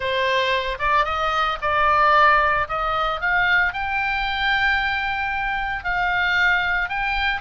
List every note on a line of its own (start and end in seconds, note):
0.00 0.78 C5
0.78 1.05 D5
1.05 1.58 D#5
1.61 2.68 D5
2.68 3.20 D#5
3.20 3.73 F5
3.73 5.84 G5
5.84 6.89 F5
6.89 7.41 G5